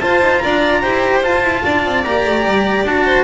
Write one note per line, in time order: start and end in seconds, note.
0.00 0.21 F4
0.00 0.82 F4
0.00 0.42 C5
0.00 0.38 A5
0.21 0.41 D#4
0.38 0.84 D4
0.38 0.81 D5
0.38 1.19 A#5
0.81 1.23 E4
0.81 1.23 G4
0.81 1.62 C5
1.23 1.42 F4
1.23 2.04 F4
1.23 2.04 A5
1.42 1.62 E4
1.64 1.85 D4
1.64 3.05 D5
1.85 2.05 C4
2.04 2.25 A#3
2.04 2.87 G4
2.04 2.85 A#5
2.25 2.45 A3
2.45 2.83 G3
2.83 3.23 D4
2.83 3.24 F#4
2.83 3.24 A5
3.05 3.24 C5